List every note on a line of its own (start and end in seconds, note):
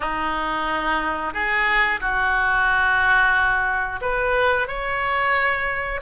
0.00 1.33 D#4
1.33 2.00 G#4
2.00 4.00 F#4
4.01 4.67 B4
4.67 6.01 C#5